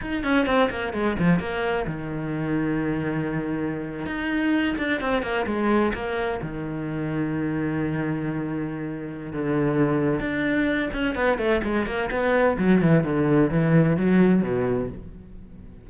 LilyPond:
\new Staff \with { instrumentName = "cello" } { \time 4/4 \tempo 4 = 129 dis'8 cis'8 c'8 ais8 gis8 f8 ais4 | dis1~ | dis8. dis'4. d'8 c'8 ais8 gis16~ | gis8. ais4 dis2~ dis16~ |
dis1 | d2 d'4. cis'8 | b8 a8 gis8 ais8 b4 fis8 e8 | d4 e4 fis4 b,4 | }